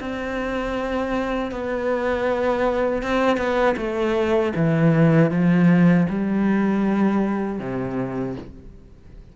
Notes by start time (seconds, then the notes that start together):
0.00 C4
1.51 B3
3.02 C4
3.37 B3
3.77 A3
4.56 E3
5.31 F3
6.09 G3
7.59 C3